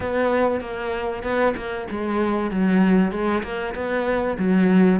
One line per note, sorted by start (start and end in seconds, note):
0.00 0.61 B3
0.61 1.23 A#3
1.23 1.54 B3
1.56 1.88 A#3
1.90 2.51 G#3
2.51 3.11 F#3
3.11 3.42 G#3
3.43 3.74 A#3
3.74 4.37 B3
4.38 4.99 F#3